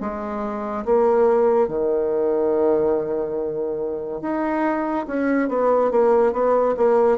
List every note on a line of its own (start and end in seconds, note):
0.00 0.85 G#3
0.85 1.67 A#3
1.67 4.21 D#3
4.21 5.06 D#4
5.07 5.49 C#4
5.49 5.91 B3
5.91 6.33 A#3
6.33 6.75 B3
6.77 7.18 A#3